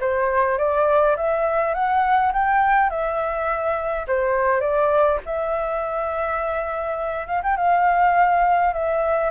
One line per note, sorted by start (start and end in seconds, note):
0.00 0.58 C5
0.58 1.16 D5
1.17 1.74 E5
1.74 2.32 F#5
2.33 2.90 G5
2.90 4.06 E5
4.07 4.60 C5
4.60 5.19 D5
5.26 7.27 E5
7.27 7.41 F5
7.43 7.57 G5
7.57 8.73 F5
8.74 9.30 E5